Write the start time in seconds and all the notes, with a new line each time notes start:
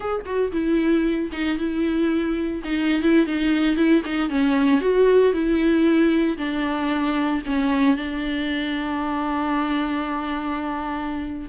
0.00 G#4
0.25 F#4
0.52 E4
1.32 D#4
1.58 E4
2.63 D#4
3.02 E4
3.26 D#4
3.76 E4
4.05 D#4
4.29 C#4
4.80 F#4
5.33 E4
6.37 D4
7.46 C#4
7.96 D4